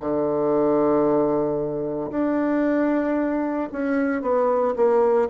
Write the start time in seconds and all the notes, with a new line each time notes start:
0.00 D3
2.11 D4
3.72 C#4
4.22 B3
4.76 A#3